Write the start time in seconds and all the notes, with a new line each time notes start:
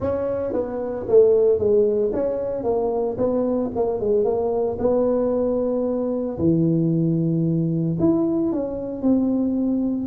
0.00 C#4
0.52 B3
1.08 A3
1.58 G#3
2.13 C#4
2.63 A#3
3.17 B3
3.75 A#3
4.00 G#3
4.24 A#3
4.78 B3
6.38 E3
7.99 E4
8.52 C#4
9.02 C4